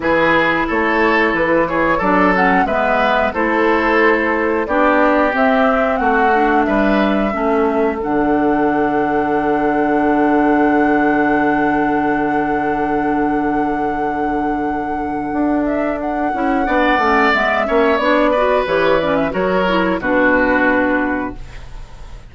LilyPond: <<
  \new Staff \with { instrumentName = "flute" } { \time 4/4 \tempo 4 = 90 b'4 cis''4 b'8 cis''8 d''8 fis''8 | e''4 c''2 d''4 | e''4 fis''4 e''2 | fis''1~ |
fis''1~ | fis''2.~ fis''8 e''8 | fis''2 e''4 d''4 | cis''8 d''16 e''16 cis''4 b'2 | }
  \new Staff \with { instrumentName = "oboe" } { \time 4/4 gis'4 a'4. gis'8 a'4 | b'4 a'2 g'4~ | g'4 fis'4 b'4 a'4~ | a'1~ |
a'1~ | a'1~ | a'4 d''4. cis''4 b'8~ | b'4 ais'4 fis'2 | }
  \new Staff \with { instrumentName = "clarinet" } { \time 4/4 e'2. d'8 cis'8 | b4 e'2 d'4 | c'4. d'4. cis'4 | d'1~ |
d'1~ | d'1~ | d'8 e'8 d'8 cis'8 b8 cis'8 d'8 fis'8 | g'8 cis'8 fis'8 e'8 d'2 | }
  \new Staff \with { instrumentName = "bassoon" } { \time 4/4 e4 a4 e4 fis4 | gis4 a2 b4 | c'4 a4 g4 a4 | d1~ |
d1~ | d2. d'4~ | d'8 cis'8 b8 a8 gis8 ais8 b4 | e4 fis4 b,2 | }
>>